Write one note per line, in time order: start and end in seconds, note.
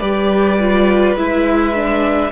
0.00 1.16 G3
0.00 0.59 G4
0.00 2.32 B4
0.00 1.15 D5
0.60 1.18 F4
1.16 2.31 G#3
1.16 1.75 E4
1.16 2.33 E5
1.75 2.33 D4